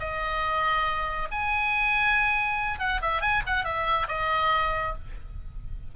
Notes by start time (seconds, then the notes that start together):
0.00 D#5
1.31 G#5
2.80 F#5
3.02 E5
3.21 G#5
3.46 F#5
3.65 E5
4.08 D#5